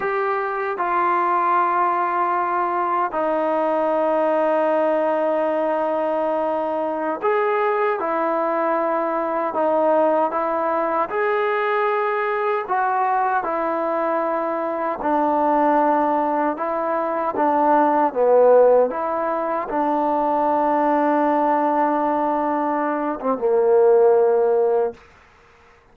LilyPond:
\new Staff \with { instrumentName = "trombone" } { \time 4/4 \tempo 4 = 77 g'4 f'2. | dis'1~ | dis'4~ dis'16 gis'4 e'4.~ e'16~ | e'16 dis'4 e'4 gis'4.~ gis'16~ |
gis'16 fis'4 e'2 d'8.~ | d'4~ d'16 e'4 d'4 b8.~ | b16 e'4 d'2~ d'8.~ | d'4.~ d'16 c'16 ais2 | }